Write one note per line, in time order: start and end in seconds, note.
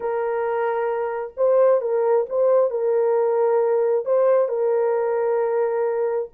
0.00 1.33 A#4
1.37 1.81 C5
1.81 2.26 A#4
2.29 2.70 C5
2.70 4.05 A#4
4.05 4.48 C5
4.48 6.28 A#4